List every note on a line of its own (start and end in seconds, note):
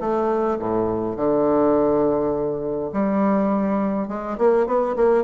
0.00 0.58 A3
0.59 1.16 A2
1.16 2.91 D3
2.93 4.08 G3
4.08 4.37 G#3
4.38 4.66 A#3
4.66 4.95 B3
4.96 5.23 A#3